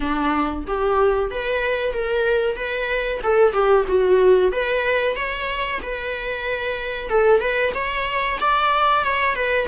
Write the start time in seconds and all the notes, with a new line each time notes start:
0.00 D4
0.67 G4
1.30 B4
1.93 A#4
2.56 B4
3.23 A4
3.52 G4
3.87 F#4
4.52 B4
5.16 C#5
5.82 B4
7.09 A4
7.40 B4
7.74 C#5
8.40 D5
9.04 C#5
9.35 B4